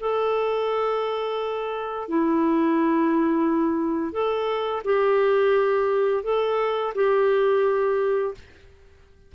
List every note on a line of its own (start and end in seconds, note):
0.00 2.09 A4
2.09 4.13 E4
4.13 4.82 A4
4.85 6.24 G4
6.24 6.94 A4
6.95 8.35 G4